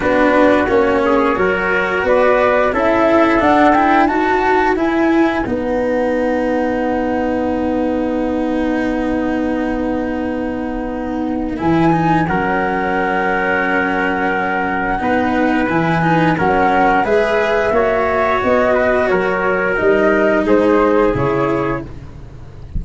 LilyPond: <<
  \new Staff \with { instrumentName = "flute" } { \time 4/4 \tempo 4 = 88 b'4 cis''2 d''4 | e''4 fis''8 g''8 a''4 gis''4 | fis''1~ | fis''1~ |
fis''4 gis''4 fis''2~ | fis''2. gis''4 | fis''4 e''2 dis''4 | cis''4 dis''4 c''4 cis''4 | }
  \new Staff \with { instrumentName = "trumpet" } { \time 4/4 fis'4. gis'8 ais'4 b'4 | a'2 b'2~ | b'1~ | b'1~ |
b'2 ais'2~ | ais'2 b'2 | ais'4 b'4 cis''4. b'8 | ais'2 gis'2 | }
  \new Staff \with { instrumentName = "cello" } { \time 4/4 d'4 cis'4 fis'2 | e'4 d'8 e'8 fis'4 e'4 | dis'1~ | dis'1~ |
dis'4 e'8 dis'8 cis'2~ | cis'2 dis'4 e'8 dis'8 | cis'4 gis'4 fis'2~ | fis'4 dis'2 e'4 | }
  \new Staff \with { instrumentName = "tuba" } { \time 4/4 b4 ais4 fis4 b4 | cis'4 d'4 dis'4 e'4 | b1~ | b1~ |
b4 e4 fis2~ | fis2 b4 e4 | fis4 gis4 ais4 b4 | fis4 g4 gis4 cis4 | }
>>